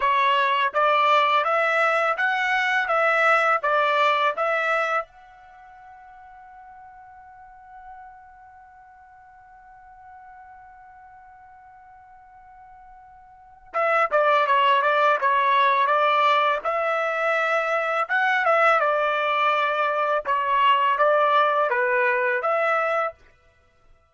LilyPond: \new Staff \with { instrumentName = "trumpet" } { \time 4/4 \tempo 4 = 83 cis''4 d''4 e''4 fis''4 | e''4 d''4 e''4 fis''4~ | fis''1~ | fis''1~ |
fis''2. e''8 d''8 | cis''8 d''8 cis''4 d''4 e''4~ | e''4 fis''8 e''8 d''2 | cis''4 d''4 b'4 e''4 | }